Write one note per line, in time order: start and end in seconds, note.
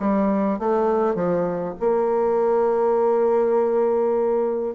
0.00 0.59 G3
0.59 1.15 A3
1.15 1.74 F3
1.80 4.75 A#3